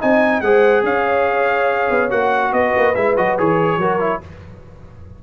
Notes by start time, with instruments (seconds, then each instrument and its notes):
0.00 tuba C4, trombone D#4, horn D#5, trumpet G#5
0.41 tuba G#3, trombone G#4, horn C5, trumpet F#5
0.83 tuba C#4, horn C#5, trumpet F5
1.90 tuba B3
2.10 tuba A#3, trombone F#4, trumpet F#5
2.52 tuba B3, horn B4, trumpet D#5
2.77 tuba A#3
2.94 tuba G#3, trombone E4, trumpet E5
3.17 tuba F#3, trombone F#4, trumpet D#5
3.38 tuba E3, trombone G#4, trumpet C#5
3.77 tuba F#3, trombone F#4, horn A#4
3.99 trombone E4